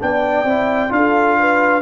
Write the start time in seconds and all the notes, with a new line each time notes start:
0.00 B3 D4 D5 G5
0.44 C4 E4
0.89 D4 F4 F5
0.96 A4
1.39 B4